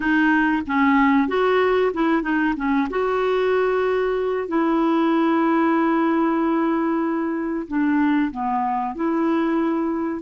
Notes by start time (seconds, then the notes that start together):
0.00 D#4
0.66 C#4
1.28 F#4
1.93 E4
2.22 D#4
2.56 C#4
2.90 F#4
4.48 E4
7.67 D4
8.31 B3
8.95 E4